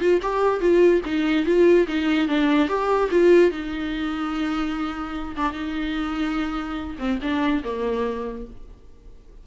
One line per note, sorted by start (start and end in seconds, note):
0.00 0.21 F4
0.22 0.60 G4
0.60 1.01 F4
1.05 1.46 D#4
1.46 1.87 F4
1.88 2.28 D#4
2.28 2.68 D4
2.68 3.09 G4
3.11 3.51 F4
3.51 5.36 D#4
5.36 5.52 D4
5.52 6.96 D#4
6.99 7.19 C4
7.22 7.63 D4
7.64 8.46 A#3